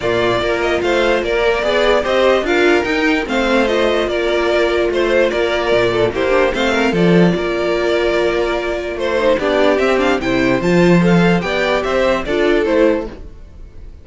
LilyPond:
<<
  \new Staff \with { instrumentName = "violin" } { \time 4/4 \tempo 4 = 147 d''4. dis''8 f''4 d''4~ | d''4 dis''4 f''4 g''4 | f''4 dis''4 d''2 | c''4 d''2 c''4 |
f''4 d''2.~ | d''2 c''4 d''4 | e''8 f''8 g''4 a''4 f''4 | g''4 e''4 d''4 c''4 | }
  \new Staff \with { instrumentName = "violin" } { \time 4/4 f'4 ais'4 c''4 ais'4 | d''4 c''4 ais'2 | c''2 ais'2 | c''4 ais'4. a'8 g'4 |
c''8 ais'8 a'4 ais'2~ | ais'2 c''4 g'4~ | g'4 c''2. | d''4 c''4 a'2 | }
  \new Staff \with { instrumentName = "viola" } { \time 4/4 ais4 f'2~ f'8 ais'8 | gis'4 g'4 f'4 dis'4 | c'4 f'2.~ | f'2. e'8 d'8 |
c'4 f'2.~ | f'2~ f'8 dis'8 d'4 | c'8 d'8 e'4 f'4 a'4 | g'2 f'4 e'4 | }
  \new Staff \with { instrumentName = "cello" } { \time 4/4 ais,4 ais4 a4 ais4 | b4 c'4 d'4 dis'4 | a2 ais2 | a4 ais4 ais,4 ais4 |
a4 f4 ais2~ | ais2 a4 b4 | c'4 c4 f2 | b4 c'4 d'4 a4 | }
>>